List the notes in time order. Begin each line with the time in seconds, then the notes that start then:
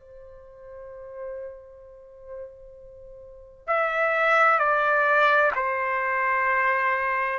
0.00 C5
3.67 E5
4.59 D5
5.56 C5